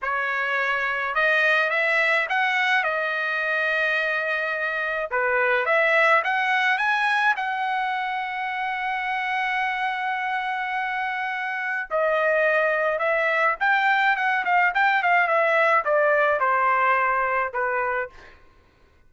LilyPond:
\new Staff \with { instrumentName = "trumpet" } { \time 4/4 \tempo 4 = 106 cis''2 dis''4 e''4 | fis''4 dis''2.~ | dis''4 b'4 e''4 fis''4 | gis''4 fis''2.~ |
fis''1~ | fis''4 dis''2 e''4 | g''4 fis''8 f''8 g''8 f''8 e''4 | d''4 c''2 b'4 | }